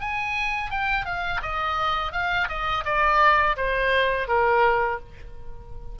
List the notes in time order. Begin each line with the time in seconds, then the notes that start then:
0.00 G#5
0.70 G5
1.05 F5
1.42 D#5
2.12 F5
2.48 D#5
2.85 D5
3.56 C5
4.28 A#4